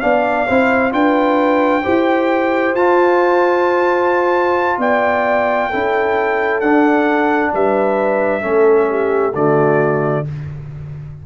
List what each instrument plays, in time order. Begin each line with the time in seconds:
0.00 tuba B3, trombone D4, horn D5, trumpet F5
0.47 tuba C4, trombone E4, horn C5
0.91 tuba D4, trombone F4, horn B4, trumpet G5
1.82 tuba E4, trombone G4, horn C5
2.74 tuba F4, trombone F4, trumpet A5
4.78 tuba B3, horn D5, trumpet G5
5.70 tuba C#4, trombone E4, horn A4
6.60 tuba D4, trombone D4, trumpet F#5
7.53 tuba G3, horn B4, trumpet E5
8.41 tuba A3, trombone C#4, horn A4
8.89 horn G4
9.34 tuba D3, trombone A3, horn F#4, trumpet D5